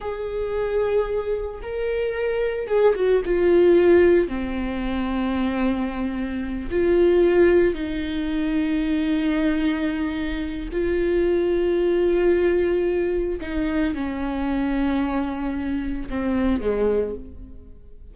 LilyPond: \new Staff \with { instrumentName = "viola" } { \time 4/4 \tempo 4 = 112 gis'2. ais'4~ | ais'4 gis'8 fis'8 f'2 | c'1~ | c'8 f'2 dis'4.~ |
dis'1 | f'1~ | f'4 dis'4 cis'2~ | cis'2 c'4 gis4 | }